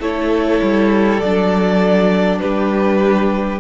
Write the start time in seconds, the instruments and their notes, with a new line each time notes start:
0.00 cello A3, viola E4, violin A4 C#5
0.62 cello G3
1.20 cello F#3, viola D4, violin D5
2.40 cello G3, violin G4 B4